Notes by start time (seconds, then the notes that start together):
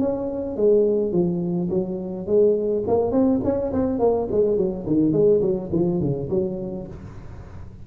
0.00 C#4
0.57 G#3
1.12 F3
1.70 F#3
2.27 G#3
2.87 A#3
3.12 C4
3.44 C#4
3.73 C4
3.99 A#3
4.32 G#3
4.58 F#3
4.87 D#3
5.12 G#3
5.42 F#3
5.73 F3
6.01 C#3
6.30 F#3